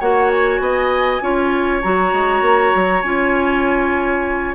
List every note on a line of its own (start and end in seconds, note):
0.00 0.60 A#3
0.00 1.21 F#4
0.00 0.61 C#5
0.00 0.30 F#5
0.31 1.82 G#5
0.60 1.20 B3
0.60 1.22 D#5
1.21 1.82 C#4
1.21 1.82 F4
1.21 4.55 C#5
1.82 2.13 F#3
1.82 3.04 F#4
1.82 3.02 A#5
2.13 2.41 G#3
2.41 2.72 A#3
2.75 3.03 F#3
3.02 4.54 C#4
3.02 4.55 F4
3.02 4.54 G#5